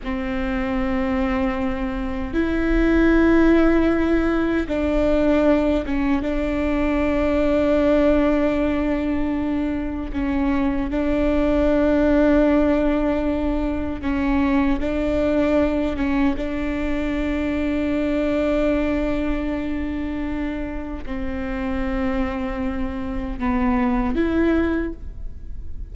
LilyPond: \new Staff \with { instrumentName = "viola" } { \time 4/4 \tempo 4 = 77 c'2. e'4~ | e'2 d'4. cis'8 | d'1~ | d'4 cis'4 d'2~ |
d'2 cis'4 d'4~ | d'8 cis'8 d'2.~ | d'2. c'4~ | c'2 b4 e'4 | }